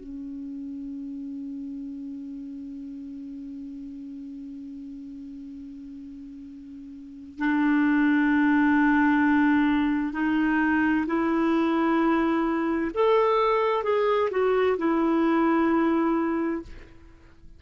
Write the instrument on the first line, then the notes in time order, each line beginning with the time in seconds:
clarinet
0.00 C#4
7.38 D4
10.13 D#4
11.06 E4
12.94 A4
13.83 G#4
14.30 F#4
14.78 E4